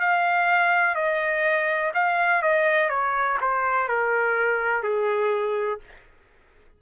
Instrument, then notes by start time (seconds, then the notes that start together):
trumpet
0.00 F5
0.95 D#5
1.94 F5
2.41 D#5
2.89 C#5
3.40 C5
3.88 A#4
4.83 G#4